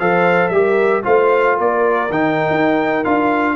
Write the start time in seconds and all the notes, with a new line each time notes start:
0.00 F3 A4 C5 F5
0.49 G3 G4 E5
0.56 A#4
1.03 A3 F4 C5 F5
1.57 A#3 A#4 D5
2.10 D#3 D#4 G5
2.51 D#4
3.05 D4 F4 F5